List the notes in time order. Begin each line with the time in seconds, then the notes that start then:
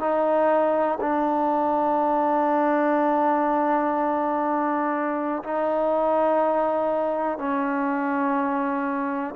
0.00 D#4
1.01 D4
5.44 D#4
7.38 C#4